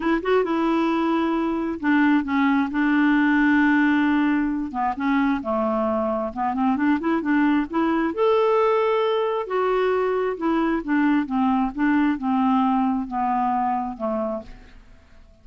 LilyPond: \new Staff \with { instrumentName = "clarinet" } { \time 4/4 \tempo 4 = 133 e'8 fis'8 e'2. | d'4 cis'4 d'2~ | d'2~ d'8 b8 cis'4 | a2 b8 c'8 d'8 e'8 |
d'4 e'4 a'2~ | a'4 fis'2 e'4 | d'4 c'4 d'4 c'4~ | c'4 b2 a4 | }